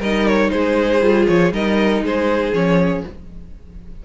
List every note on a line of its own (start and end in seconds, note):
0.00 0.50 G3
0.00 1.02 D#4
0.00 0.50 A#4
0.00 0.28 D#5
0.28 0.50 C#5
0.50 1.02 G#3
0.50 1.54 G#4
0.50 1.26 C5
1.02 1.27 G3
1.02 1.52 F4
1.28 1.52 F3
1.28 1.53 C#5
1.52 2.02 G3
1.52 2.54 D#4
1.52 2.04 A#4
1.52 2.04 D#5
2.02 2.52 G#3
2.02 3.06 G#4
2.02 2.54 C5
2.53 3.04 F3
2.53 3.04 C#4
2.53 3.04 C#5